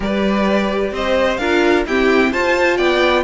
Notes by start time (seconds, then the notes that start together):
0.00 G3 G4 B4 D5
0.91 C4 C5 D#5
1.37 D4 F4 A#4 F5
1.85 C4 E4 G4 G5
2.32 F4 C5 A5
2.77 B3 D5 G5